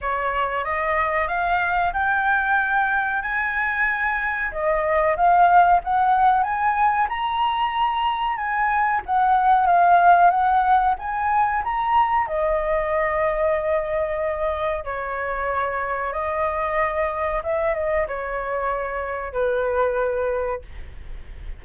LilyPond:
\new Staff \with { instrumentName = "flute" } { \time 4/4 \tempo 4 = 93 cis''4 dis''4 f''4 g''4~ | g''4 gis''2 dis''4 | f''4 fis''4 gis''4 ais''4~ | ais''4 gis''4 fis''4 f''4 |
fis''4 gis''4 ais''4 dis''4~ | dis''2. cis''4~ | cis''4 dis''2 e''8 dis''8 | cis''2 b'2 | }